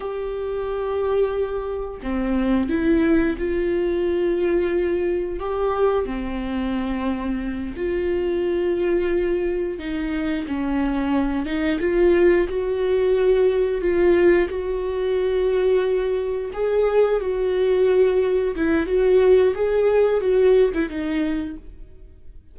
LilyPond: \new Staff \with { instrumentName = "viola" } { \time 4/4 \tempo 4 = 89 g'2. c'4 | e'4 f'2. | g'4 c'2~ c'8 f'8~ | f'2~ f'8 dis'4 cis'8~ |
cis'4 dis'8 f'4 fis'4.~ | fis'8 f'4 fis'2~ fis'8~ | fis'8 gis'4 fis'2 e'8 | fis'4 gis'4 fis'8. e'16 dis'4 | }